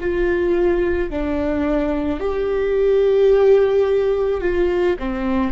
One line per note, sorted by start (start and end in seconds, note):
0.00 1.10 F4
1.10 2.20 D4
2.20 4.40 G4
4.40 4.96 F4
4.98 5.52 C4